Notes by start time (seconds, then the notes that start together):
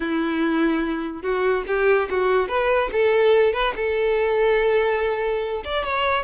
0.00 E4
1.22 F#4
1.67 G4
2.10 F#4
2.48 B4
2.92 A4
3.53 B4
3.76 A4
5.64 D5
5.84 C#5